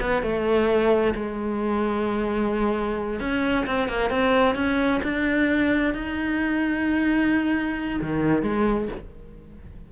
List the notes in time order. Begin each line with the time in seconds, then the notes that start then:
0.00 B3
0.22 A3
1.15 G#3
3.20 C#4
3.66 C4
3.88 A#3
4.10 C4
4.55 C#4
5.03 D4
5.94 D#4
8.01 D#3
8.42 G#3